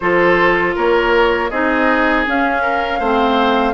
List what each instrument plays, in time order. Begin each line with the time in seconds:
0.00 bassoon F3, clarinet F4, oboe A4, flute C5
0.75 bassoon A#3, oboe A#4, flute C#5
1.49 bassoon C4, clarinet D#4, oboe G#4, flute D#5
2.25 clarinet C#4, bassoon C#4, flute F5
2.62 oboe A#4
2.99 bassoon A3, clarinet C4, oboe C5